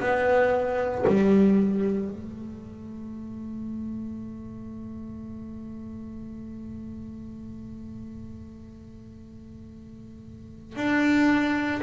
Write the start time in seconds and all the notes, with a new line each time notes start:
0.00 B3
1.08 G3
2.11 A3
10.76 D4